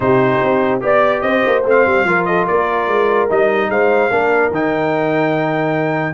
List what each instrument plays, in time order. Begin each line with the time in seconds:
0.00 tuba C3, trombone D#4, horn G4, trumpet C5
0.42 tuba C4
0.80 tuba B3, trombone G4, horn D5, trumpet D5
1.21 tuba C4, horn C5, trumpet D#5
1.46 tuba A#3
1.64 tuba A3, trombone C4, trumpet F5
1.86 tuba G3
2.04 tuba F3, trombone F4, horn A#4
2.25 horn A4, trumpet D#5
2.45 tuba A#3, horn A#4, trumpet D5
2.87 tuba G#3
3.29 tuba G3, trombone D#4, trumpet D#5
3.69 tuba G#3, horn C5, trumpet F5
4.10 tuba A#3, trombone D4, horn A#4
4.50 tuba D#3, trombone D#4, trumpet G5